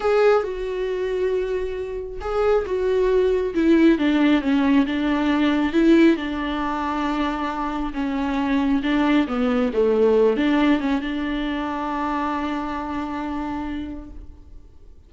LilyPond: \new Staff \with { instrumentName = "viola" } { \time 4/4 \tempo 4 = 136 gis'4 fis'2.~ | fis'4 gis'4 fis'2 | e'4 d'4 cis'4 d'4~ | d'4 e'4 d'2~ |
d'2 cis'2 | d'4 b4 a4. d'8~ | d'8 cis'8 d'2.~ | d'1 | }